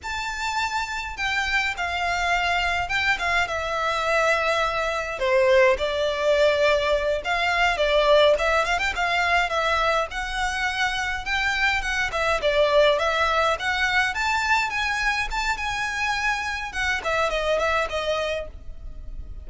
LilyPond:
\new Staff \with { instrumentName = "violin" } { \time 4/4 \tempo 4 = 104 a''2 g''4 f''4~ | f''4 g''8 f''8 e''2~ | e''4 c''4 d''2~ | d''8 f''4 d''4 e''8 f''16 g''16 f''8~ |
f''8 e''4 fis''2 g''8~ | g''8 fis''8 e''8 d''4 e''4 fis''8~ | fis''8 a''4 gis''4 a''8 gis''4~ | gis''4 fis''8 e''8 dis''8 e''8 dis''4 | }